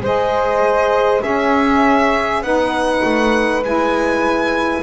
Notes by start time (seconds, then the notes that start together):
0.00 G#3 G#4 C5 D#5
1.20 C#4 G#4 E5
2.41 B3 D#4 B4 F#5
3.04 A3
3.63 G#3 E4 G#5